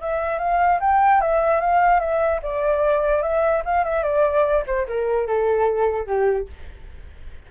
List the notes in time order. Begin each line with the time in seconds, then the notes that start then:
0.00 E5
0.38 F5
0.80 G5
1.21 E5
1.60 F5
1.99 E5
2.42 D5
3.22 E5
3.65 F5
3.84 E5
4.03 D5
4.66 C5
4.87 A#4
5.26 A4
6.06 G4